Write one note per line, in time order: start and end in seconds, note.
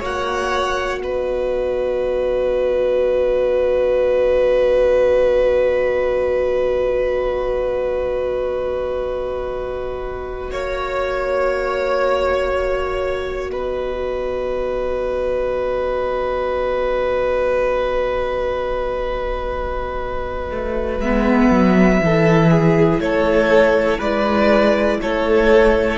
0.00 1.02 A#3
0.00 21.02 F#4
0.00 1.00 C#5
0.00 1.03 F#5
1.02 10.52 B3
1.02 10.52 B4
1.02 10.53 D#5
10.52 13.52 A#3
10.52 13.52 C#5
10.52 13.49 C#5
13.49 20.52 B3
13.49 22.02 B4
13.49 20.99 D#5
20.52 21.00 A3
21.00 21.50 G#3
21.00 22.01 B3
21.00 23.01 E5
21.51 22.01 F#3
22.01 22.99 E3
22.01 25.98 E4
22.01 22.51 A4
22.51 23.01 G#4
22.99 23.99 A3
22.99 23.98 A4
22.99 24.01 C#5
23.98 25.00 G#3
23.98 24.98 B4
23.98 25.01 D5
25.02 25.98 A3
25.02 25.98 A4
25.02 25.98 C#5